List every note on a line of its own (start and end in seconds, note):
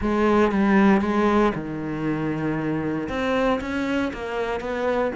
0.01 0.51 G#3
0.51 1.01 G3
1.01 1.52 G#3
1.54 3.08 D#3
3.08 3.60 C4
3.60 4.12 C#4
4.13 4.60 A#3
4.60 5.11 B3